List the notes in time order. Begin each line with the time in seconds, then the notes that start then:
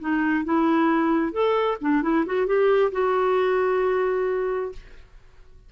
0.00 D#4
0.45 E4
1.32 A4
1.81 D4
2.03 E4
2.26 F#4
2.47 G4
2.92 F#4